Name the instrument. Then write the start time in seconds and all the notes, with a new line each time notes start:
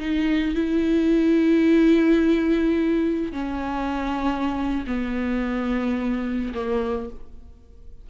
viola
0.00 D#4
0.55 E4
3.33 C#4
4.87 B3
6.54 A#3